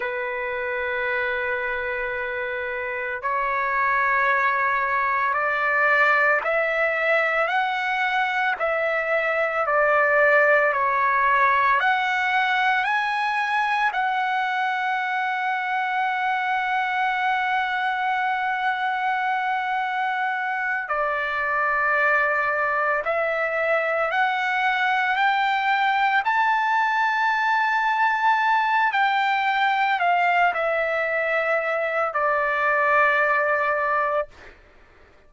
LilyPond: \new Staff \with { instrumentName = "trumpet" } { \time 4/4 \tempo 4 = 56 b'2. cis''4~ | cis''4 d''4 e''4 fis''4 | e''4 d''4 cis''4 fis''4 | gis''4 fis''2.~ |
fis''2.~ fis''8 d''8~ | d''4. e''4 fis''4 g''8~ | g''8 a''2~ a''8 g''4 | f''8 e''4. d''2 | }